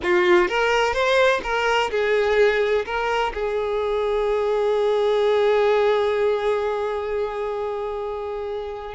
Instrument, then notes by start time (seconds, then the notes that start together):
violin
0.02 F4
0.48 A#4
0.93 C5
1.43 A#4
1.90 G#4
2.85 A#4
3.33 G#4